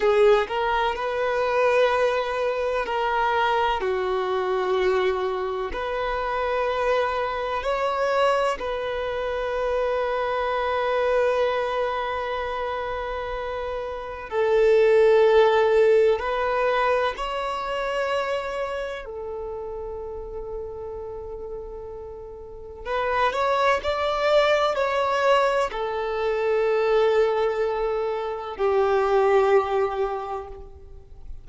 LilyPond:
\new Staff \with { instrumentName = "violin" } { \time 4/4 \tempo 4 = 63 gis'8 ais'8 b'2 ais'4 | fis'2 b'2 | cis''4 b'2.~ | b'2. a'4~ |
a'4 b'4 cis''2 | a'1 | b'8 cis''8 d''4 cis''4 a'4~ | a'2 g'2 | }